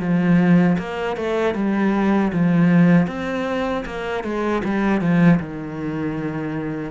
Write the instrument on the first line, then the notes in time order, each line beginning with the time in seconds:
cello
0.00 F3
0.78 A#3
1.16 A3
1.55 G3
2.33 F3
3.07 C4
3.85 A#3
4.24 G#3
4.64 G3
5.01 F3
5.40 D#3